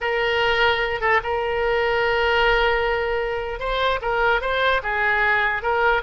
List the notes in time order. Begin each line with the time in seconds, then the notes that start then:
0.01 A#4
1.00 A4
1.23 A#4
3.59 C5
4.01 A#4
4.41 C5
4.83 G#4
5.62 A#4